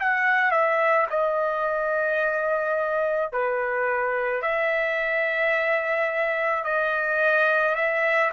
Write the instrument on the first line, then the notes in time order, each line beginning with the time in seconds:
trumpet
0.00 F#5
0.51 E5
1.10 D#5
3.32 B4
4.42 E5
6.64 D#5
7.75 E5